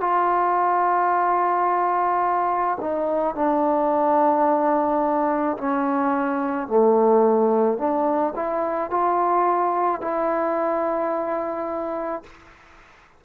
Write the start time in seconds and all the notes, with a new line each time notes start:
0.00 F4
2.80 D#4
3.35 D4
5.58 C#4
6.68 A3
7.78 D4
8.35 E4
8.90 F4
10.01 E4